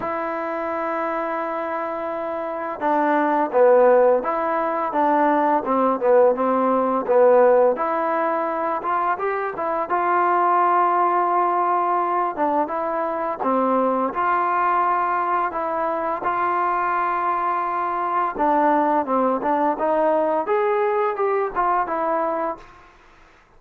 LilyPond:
\new Staff \with { instrumentName = "trombone" } { \time 4/4 \tempo 4 = 85 e'1 | d'4 b4 e'4 d'4 | c'8 b8 c'4 b4 e'4~ | e'8 f'8 g'8 e'8 f'2~ |
f'4. d'8 e'4 c'4 | f'2 e'4 f'4~ | f'2 d'4 c'8 d'8 | dis'4 gis'4 g'8 f'8 e'4 | }